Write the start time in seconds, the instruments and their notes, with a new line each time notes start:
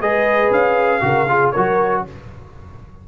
0.00 tuba G#3, trombone G#4, horn B4, trumpet D#5
0.51 tuba C#4, trumpet F5
1.01 tuba C#3, trombone F#4, horn A#4
1.28 trombone F4, horn G#4
1.51 tuba F#3, trombone F#4, horn A#4, trumpet C#5